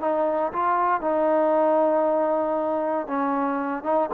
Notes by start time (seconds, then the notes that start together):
0.00 D#4
0.52 F4
1.01 D#4
3.07 C#4
3.83 D#4